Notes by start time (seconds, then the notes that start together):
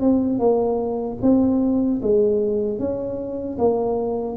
0.00 C4
0.39 A#3
1.22 C4
2.02 G#3
2.78 C#4
3.58 A#3